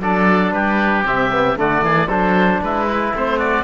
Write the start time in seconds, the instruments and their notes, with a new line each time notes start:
0.00 cello F#3, trombone D4, oboe A4 D5
0.52 cello G3, oboe G4 B4
1.05 cello C3, trombone C4, oboe E5
1.32 trombone B3
1.56 cello D3, trombone A3, oboe F#4 D5
1.82 cello E3, oboe G#4
2.08 cello F#3, trombone D4, oboe A4 C5
2.62 cello G#3, oboe E4 B4
2.88 trombone E4
3.14 cello A3, trombone C4, oboe C5
3.38 oboe F#4 D5